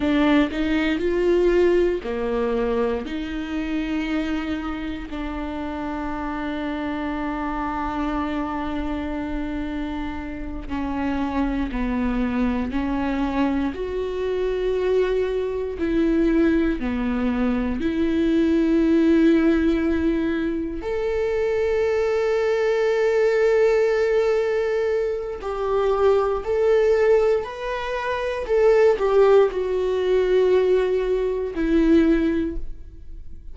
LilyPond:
\new Staff \with { instrumentName = "viola" } { \time 4/4 \tempo 4 = 59 d'8 dis'8 f'4 ais4 dis'4~ | dis'4 d'2.~ | d'2~ d'8 cis'4 b8~ | b8 cis'4 fis'2 e'8~ |
e'8 b4 e'2~ e'8~ | e'8 a'2.~ a'8~ | a'4 g'4 a'4 b'4 | a'8 g'8 fis'2 e'4 | }